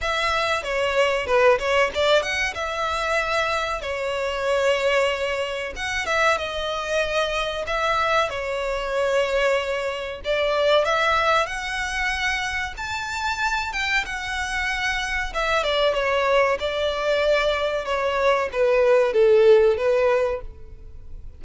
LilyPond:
\new Staff \with { instrumentName = "violin" } { \time 4/4 \tempo 4 = 94 e''4 cis''4 b'8 cis''8 d''8 fis''8 | e''2 cis''2~ | cis''4 fis''8 e''8 dis''2 | e''4 cis''2. |
d''4 e''4 fis''2 | a''4. g''8 fis''2 | e''8 d''8 cis''4 d''2 | cis''4 b'4 a'4 b'4 | }